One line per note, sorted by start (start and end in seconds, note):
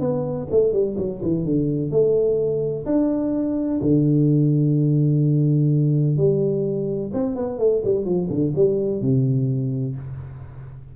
0.00 0.47 B3
0.51 0.73 A3
0.73 0.96 G3
0.98 1.21 F#3
1.23 1.45 E3
1.45 1.91 D3
1.91 2.85 A3
2.86 3.80 D4
3.81 6.17 D3
6.17 7.11 G3
7.13 7.36 C4
7.36 7.59 B3
7.59 7.82 A3
7.85 8.05 G3
8.05 8.28 F3
8.30 8.53 D3
8.55 9.01 G3
9.01 9.96 C3